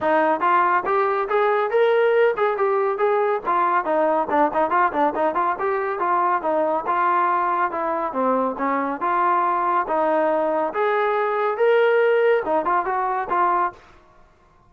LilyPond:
\new Staff \with { instrumentName = "trombone" } { \time 4/4 \tempo 4 = 140 dis'4 f'4 g'4 gis'4 | ais'4. gis'8 g'4 gis'4 | f'4 dis'4 d'8 dis'8 f'8 d'8 | dis'8 f'8 g'4 f'4 dis'4 |
f'2 e'4 c'4 | cis'4 f'2 dis'4~ | dis'4 gis'2 ais'4~ | ais'4 dis'8 f'8 fis'4 f'4 | }